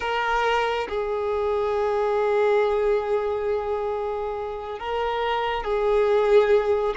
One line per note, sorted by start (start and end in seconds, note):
0.00 0.87 A#4
0.89 4.79 G#4
4.79 5.64 A#4
5.64 6.94 G#4